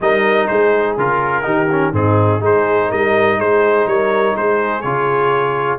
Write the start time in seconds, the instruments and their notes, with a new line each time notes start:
0.00 tuba G3, trombone D#4, horn A#4, trumpet D#5
0.47 tuba G#3, horn G#4, trumpet C5
0.97 tuba C#3, trombone F4, trumpet A#4
1.43 tuba D#3, trombone D#4, horn G4
1.71 trombone C#4
1.92 tuba G#2, trombone C4, horn D#4, trumpet G#4
2.40 tuba G#3, trombone D#4, horn G#4, trumpet C5
2.88 tuba G3, horn A#4, trumpet D#5
3.37 tuba G#3, horn G#4, trumpet C5
3.86 tuba G3, horn A#4, trumpet C#5
4.34 tuba G#3, horn G#4, trumpet C5
4.81 tuba C#3, trombone F4, trumpet C#5